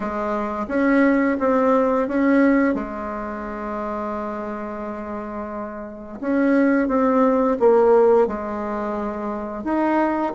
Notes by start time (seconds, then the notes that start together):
0.00 G#3
0.68 C#4
1.39 C4
2.08 C#4
2.74 G#3
6.20 C#4
6.88 C4
7.59 A#3
8.27 G#3
9.64 D#4